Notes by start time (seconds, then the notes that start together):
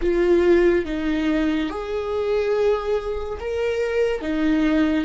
0.01 F4
0.85 D#4
1.69 G#4
3.40 A#4
4.21 D#4